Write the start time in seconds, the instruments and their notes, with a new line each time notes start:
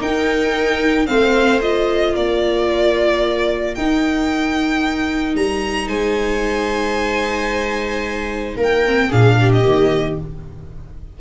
0.00 viola D#4 A#4, tuba D#4, violin G5
1.06 tuba A3, viola C4 C5, violin F5
1.61 viola F4, violin D#5
2.14 tuba A#3, viola A#4, violin D5
3.75 viola D#4, tuba D#4, violin G5
5.35 tuba G3, violin A#5
5.87 tuba G#3, viola C5, violin G#5
8.57 tuba A#3, viola A#4, violin G5
8.85 viola C4
9.08 tuba A#2, viola D4 G#4, violin F5
9.40 viola G4
9.52 violin D#5
9.62 tuba D#3, viola A#3